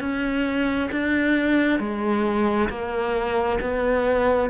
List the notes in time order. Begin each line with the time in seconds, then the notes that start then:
0.00 C#4
0.91 D4
1.79 G#3
2.69 A#3
3.60 B3